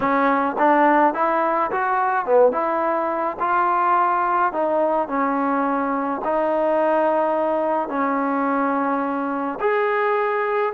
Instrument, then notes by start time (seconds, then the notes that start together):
trombone
0.00 C#4
0.58 D4
1.14 E4
1.71 F#4
2.25 B3
2.52 E4
3.39 F4
4.53 D#4
5.08 C#4
6.24 D#4
7.88 C#4
9.59 G#4